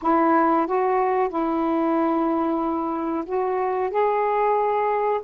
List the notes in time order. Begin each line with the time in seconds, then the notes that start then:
0.02 E4
0.67 F#4
1.28 E4
3.25 F#4
3.90 G#4